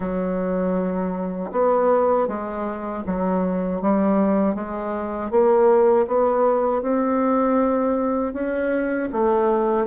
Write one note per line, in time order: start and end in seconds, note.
0.00 1.51 F#3
1.51 2.27 B3
2.27 3.03 G#3
3.06 3.81 F#3
3.81 4.54 G3
4.54 5.30 G#3
5.30 6.06 A#3
6.07 6.81 B3
6.81 8.33 C4
8.33 9.09 C#4
9.12 9.87 A3